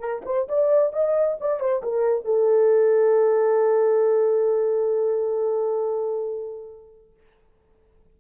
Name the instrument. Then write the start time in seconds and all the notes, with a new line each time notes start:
horn
0.00 A#4
0.26 C5
0.49 D5
0.93 D#5
1.41 D5
1.60 C5
1.83 A#4
2.25 A4